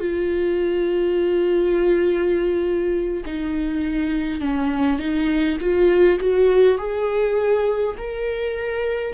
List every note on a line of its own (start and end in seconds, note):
0.00 3.24 F4
3.26 4.41 D#4
4.41 4.99 C#4
4.99 5.58 D#4
5.60 6.19 F4
6.20 6.78 F#4
6.78 7.96 G#4
7.98 9.14 A#4